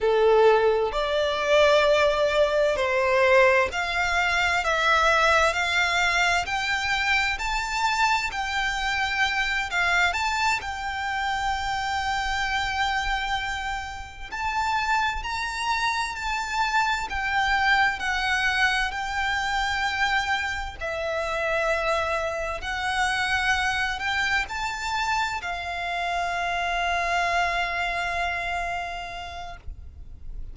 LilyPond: \new Staff \with { instrumentName = "violin" } { \time 4/4 \tempo 4 = 65 a'4 d''2 c''4 | f''4 e''4 f''4 g''4 | a''4 g''4. f''8 a''8 g''8~ | g''2.~ g''8 a''8~ |
a''8 ais''4 a''4 g''4 fis''8~ | fis''8 g''2 e''4.~ | e''8 fis''4. g''8 a''4 f''8~ | f''1 | }